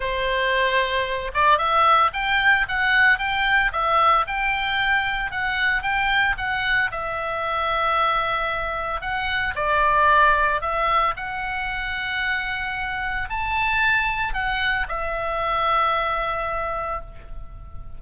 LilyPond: \new Staff \with { instrumentName = "oboe" } { \time 4/4 \tempo 4 = 113 c''2~ c''8 d''8 e''4 | g''4 fis''4 g''4 e''4 | g''2 fis''4 g''4 | fis''4 e''2.~ |
e''4 fis''4 d''2 | e''4 fis''2.~ | fis''4 a''2 fis''4 | e''1 | }